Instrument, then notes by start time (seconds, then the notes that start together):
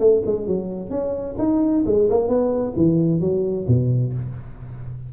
tuba
0.00 A3
0.26 G#3
0.48 F#3
0.90 C#4
1.39 D#4
1.86 G#3
2.10 A#3
2.28 B3
2.77 E3
3.21 F#3
3.68 B2